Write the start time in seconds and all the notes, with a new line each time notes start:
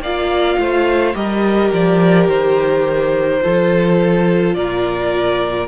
0.00 A#3 F4 D5 F5
0.58 A3 C5
1.13 G3 G4 A#4 D#5
1.73 F3 D5
2.28 D#3 C5
3.41 F3 F4 A4
4.54 A#2 A#4 D5